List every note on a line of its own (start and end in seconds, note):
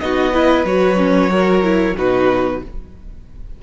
0.00 0.65 B3
0.00 0.33 D#4
0.00 0.33 F#4
0.00 0.65 D#5
0.33 0.65 E4
0.33 1.30 B4
0.65 1.95 F#3
0.65 0.96 F#4
0.65 1.96 C#5
0.96 1.29 C#4
1.29 1.62 F#4
1.29 1.96 A#4
1.63 1.96 E4
1.97 2.62 B2
1.97 2.63 D#4
1.97 2.62 F#4
1.97 2.63 B4